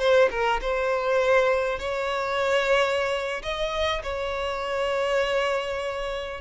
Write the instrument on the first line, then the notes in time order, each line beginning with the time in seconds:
violin
0.00 C5
0.31 A#4
0.62 C5
1.79 C#5
3.43 D#5
4.03 C#5